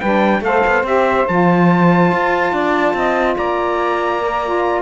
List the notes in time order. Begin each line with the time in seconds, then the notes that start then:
0.00 G3 D4 B4 G5
0.41 A3 A4 C5 F5
0.67 B3
0.83 C4 G4 E5
1.28 F3 F4 A5
2.12 F4
2.52 D4 D5
2.93 C4 D#5
3.36 A#3 D5 A#5
4.21 A#4
4.43 F4